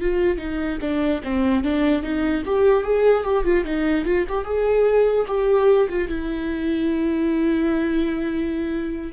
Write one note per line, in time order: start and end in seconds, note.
0.00 0.38 F4
0.38 0.78 D#4
0.81 1.21 D4
1.23 1.63 C4
1.63 2.02 D4
2.02 2.43 D#4
2.45 2.83 G4
2.83 3.24 G#4
3.24 3.44 G4
3.44 3.64 F4
3.64 4.05 D#4
4.05 4.25 F4
4.28 4.44 G4
4.44 5.26 G#4
5.27 5.88 G4
5.89 6.08 F4
6.08 9.12 E4